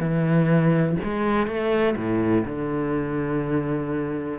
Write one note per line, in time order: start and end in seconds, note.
0.00 0.97 E3
1.04 1.47 G#3
1.47 1.96 A3
1.97 2.45 A2
2.46 4.39 D3